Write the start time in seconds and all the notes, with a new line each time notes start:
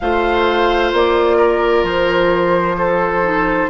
0.00 A3 F4 C5 F5
0.92 A#3 D5
1.37 A#4
1.83 F3 C5
2.77 A4
3.23 D#4